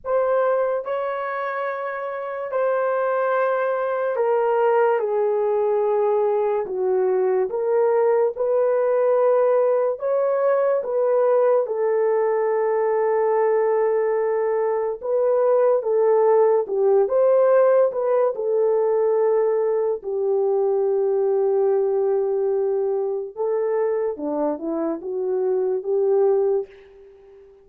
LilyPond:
\new Staff \with { instrumentName = "horn" } { \time 4/4 \tempo 4 = 72 c''4 cis''2 c''4~ | c''4 ais'4 gis'2 | fis'4 ais'4 b'2 | cis''4 b'4 a'2~ |
a'2 b'4 a'4 | g'8 c''4 b'8 a'2 | g'1 | a'4 d'8 e'8 fis'4 g'4 | }